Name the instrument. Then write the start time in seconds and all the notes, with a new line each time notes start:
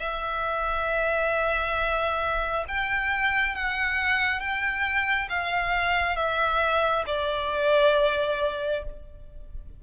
violin
0.00 E5
2.68 G5
3.55 F#5
4.40 G5
5.29 F5
6.16 E5
7.07 D5